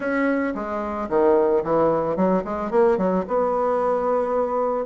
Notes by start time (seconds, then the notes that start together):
0.00 C#4
0.54 G#3
1.09 D#3
1.63 E3
2.16 F#3
2.44 G#3
2.71 A#3
2.97 F#3
3.27 B3